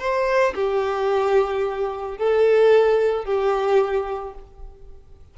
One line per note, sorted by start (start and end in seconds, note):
0.00 0.55 C5
0.55 2.18 G4
2.18 3.26 A4
3.26 4.35 G4